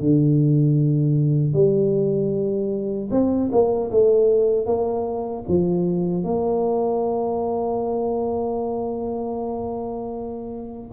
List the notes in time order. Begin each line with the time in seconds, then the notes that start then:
0.00 D3
1.54 G3
3.11 C4
3.52 A#3
3.91 A3
4.66 A#3
5.49 F3
6.24 A#3